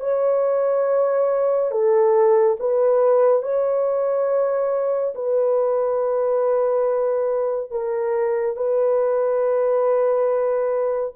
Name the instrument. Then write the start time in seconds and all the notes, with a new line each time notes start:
horn
0.00 C#5
1.71 A4
2.60 B4
3.43 C#5
5.15 B4
7.71 A#4
8.56 B4